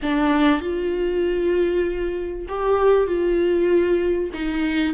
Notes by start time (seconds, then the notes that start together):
0.02 D4
0.61 F4
2.48 G4
3.06 F4
4.33 D#4